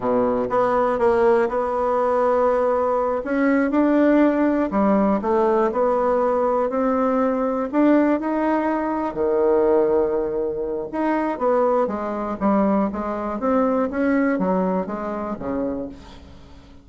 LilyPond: \new Staff \with { instrumentName = "bassoon" } { \time 4/4 \tempo 4 = 121 b,4 b4 ais4 b4~ | b2~ b8 cis'4 d'8~ | d'4. g4 a4 b8~ | b4. c'2 d'8~ |
d'8 dis'2 dis4.~ | dis2 dis'4 b4 | gis4 g4 gis4 c'4 | cis'4 fis4 gis4 cis4 | }